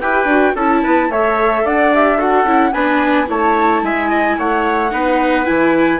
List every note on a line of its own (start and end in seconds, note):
0.00 0.24 E4
0.00 0.29 G4
0.00 0.55 B4
0.00 0.55 G5
0.24 0.52 D4
0.24 0.56 F#4
0.55 0.82 C#4
0.55 1.12 E4
0.55 0.82 A4
0.55 1.11 A5
0.82 1.09 B3
0.82 1.10 B4
1.09 1.63 A3
1.09 1.93 A4
1.09 1.64 C#5
1.09 1.66 E5
1.64 2.44 D4
1.64 2.17 D5
1.64 1.93 F#5
1.93 2.17 G4
1.93 2.21 E5
2.17 2.45 F#4
2.17 2.72 A4
2.17 2.72 F#5
2.44 2.71 C#4
2.44 2.73 E4
2.72 3.28 B3
2.72 3.26 D4
2.72 3.28 B4
2.72 3.27 G#5
3.26 3.82 A3
3.26 4.89 E4
3.26 3.84 C#5
3.26 3.84 A5
3.82 4.36 G#3
3.82 4.09 E5
3.82 4.39 G#5
4.09 4.36 D#5
4.38 4.92 A3
4.38 4.92 C#5
4.38 5.46 F#5
4.91 5.47 B3
4.91 5.45 D#4
4.91 6.00 B4
5.45 6.00 E3
5.45 5.99 E4
5.45 6.00 G#5